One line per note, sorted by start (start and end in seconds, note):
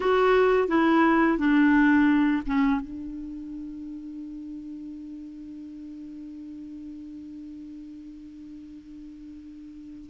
0.00 0.68 F#4
0.68 1.38 E4
1.38 2.43 D4
2.46 2.81 C#4
2.81 10.09 D4